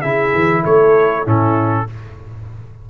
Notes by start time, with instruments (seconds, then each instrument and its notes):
0.00 tuba C#3, trombone E4, horn G#4, trumpet E5
0.34 tuba E3
0.62 tuba A3, horn A4, trumpet C#5
1.22 tuba A2, trombone C#4, horn E4
1.28 trumpet A4